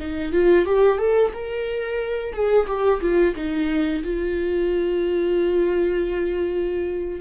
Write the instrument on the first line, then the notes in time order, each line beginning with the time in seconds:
viola
0.00 D#4
0.32 F4
0.66 G4
0.99 A4
1.34 A#4
2.34 G#4
2.67 G4
3.02 F4
3.36 D#4
4.04 F4